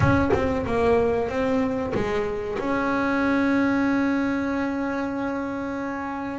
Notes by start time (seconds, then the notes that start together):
0.00 C#4
0.33 C4
0.66 A#3
1.29 C4
1.94 G#3
2.58 C#4